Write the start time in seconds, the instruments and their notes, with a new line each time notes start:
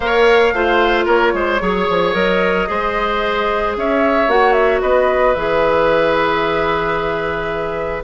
0.00 bassoon A#3, clarinet A#4, oboe C#5, flute F5
0.53 bassoon A3, clarinet F4, oboe C5
1.05 bassoon A#3, oboe A#4, flute C#5
1.33 bassoon G#3, oboe C5
1.60 bassoon F#3, clarinet G#4, oboe C#5
1.89 bassoon F3
2.13 bassoon F#3, clarinet A#4, flute D#5
2.67 bassoon G#3, clarinet G#4, oboe C5
3.76 bassoon C#4, oboe C#5, flute E5
4.27 bassoon A#3, clarinet F#4, flute F#5
4.52 flute E5
4.81 bassoon B3, oboe B4, flute D#5
5.34 bassoon E3, clarinet G#4, flute E5